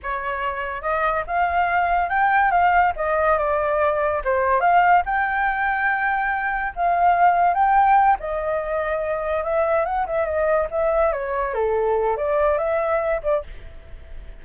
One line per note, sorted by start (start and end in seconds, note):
0.02 0.81 C#5
0.81 1.23 D#5
1.26 2.09 F5
2.09 2.51 G5
2.51 2.93 F5
2.95 3.37 D#5
3.38 4.22 D5
4.24 4.60 C5
4.60 5.02 F5
5.05 6.73 G5
6.75 7.54 F5
7.54 8.16 G5
8.19 9.44 D#5
9.44 9.85 E5
9.85 10.06 F#5
10.06 10.25 E5
10.25 10.67 D#5
10.70 11.12 E5
11.12 11.54 C#5
11.54 12.17 A4
12.17 12.58 D5
12.58 13.21 E5
13.22 13.43 D5